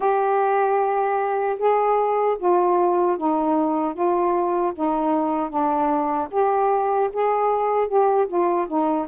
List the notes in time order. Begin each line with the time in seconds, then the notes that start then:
0.00 G4
1.58 G#4
2.38 F4
3.17 D#4
3.93 F4
4.75 D#4
5.49 D4
6.31 G4
7.13 G#4
7.87 G4
8.27 F4
8.67 D#4